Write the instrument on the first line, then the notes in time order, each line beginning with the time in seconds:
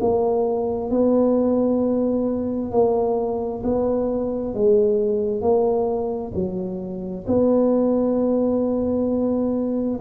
tuba
0.00 A#3
0.90 B3
2.71 A#3
3.63 B3
4.54 G#3
5.41 A#3
6.34 F#3
7.27 B3